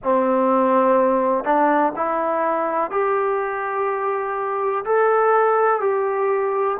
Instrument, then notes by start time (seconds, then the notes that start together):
trombone
0.03 C4
1.44 D4
1.96 E4
2.90 G4
4.84 A4
5.80 G4